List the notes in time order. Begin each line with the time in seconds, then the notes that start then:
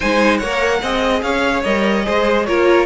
0.00 G#3 D#4 C5 G#5
0.37 A#3 A#4 C#5 F#5
0.82 C4 G#4 D#5
1.21 C#4 C#5 F5
1.63 G3 A#4 D#5
2.03 G#3 G#4 C5
2.45 A#3 F4 A#4 C#5